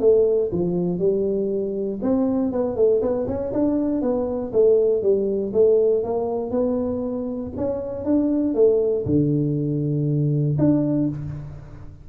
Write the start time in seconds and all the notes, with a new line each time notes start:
0.00 A3
0.52 F3
0.99 G3
2.02 C4
2.52 B3
2.76 A3
3.01 B3
3.27 C#4
3.53 D4
4.02 B3
4.53 A3
5.03 G3
5.53 A3
6.04 A#3
6.51 B3
7.57 C#4
8.05 D4
8.55 A3
9.06 D3
10.58 D4